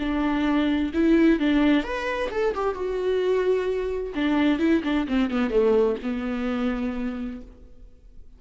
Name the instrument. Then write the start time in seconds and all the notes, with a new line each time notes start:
viola
0.00 D4
0.94 E4
1.40 D4
1.84 B4
2.31 A4
2.55 G4
2.75 F#4
4.16 D4
4.59 E4
4.84 D4
5.08 C4
5.31 B3
5.50 A3
6.03 B3